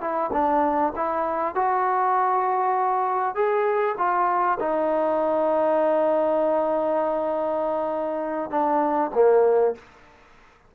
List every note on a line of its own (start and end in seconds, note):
0.00 0.30 E4
0.32 0.93 D4
0.96 1.55 E4
1.55 3.34 F#4
3.34 3.95 G#4
3.98 4.58 F4
4.60 8.50 D#4
8.50 9.10 D4
9.14 9.75 A#3